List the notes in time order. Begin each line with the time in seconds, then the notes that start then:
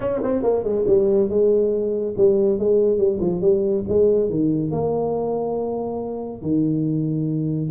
0.00 C#4
0.23 C4
0.42 A#3
0.63 G#3
0.87 G3
1.29 G#3
2.17 G3
2.59 G#3
2.97 G3
3.20 F3
3.41 G3
3.88 G#3
4.29 D#3
4.71 A#3
6.42 D#3